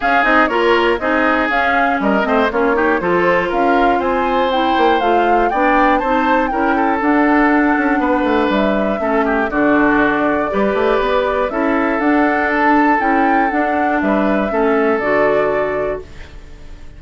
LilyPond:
<<
  \new Staff \with { instrumentName = "flute" } { \time 4/4 \tempo 4 = 120 f''8 dis''8 cis''4 dis''4 f''4 | dis''4 cis''4 c''4 f''4 | gis''4 g''4 f''4 g''4 | a''4 g''4 fis''2~ |
fis''4 e''2 d''4~ | d''2. e''4 | fis''4 a''4 g''4 fis''4 | e''2 d''2 | }
  \new Staff \with { instrumentName = "oboe" } { \time 4/4 gis'4 ais'4 gis'2 | ais'8 c''8 f'8 g'8 a'4 ais'4 | c''2. d''4 | c''4 ais'8 a'2~ a'8 |
b'2 a'8 g'8 fis'4~ | fis'4 b'2 a'4~ | a'1 | b'4 a'2. | }
  \new Staff \with { instrumentName = "clarinet" } { \time 4/4 cis'8 dis'8 f'4 dis'4 cis'4~ | cis'8 c'8 cis'8 dis'8 f'2~ | f'4 e'4 f'4 d'4 | dis'4 e'4 d'2~ |
d'2 cis'4 d'4~ | d'4 g'2 e'4 | d'2 e'4 d'4~ | d'4 cis'4 fis'2 | }
  \new Staff \with { instrumentName = "bassoon" } { \time 4/4 cis'8 c'8 ais4 c'4 cis'4 | g8 a8 ais4 f4 cis'4 | c'4. ais8 a4 b4 | c'4 cis'4 d'4. cis'8 |
b8 a8 g4 a4 d4~ | d4 g8 a8 b4 cis'4 | d'2 cis'4 d'4 | g4 a4 d2 | }
>>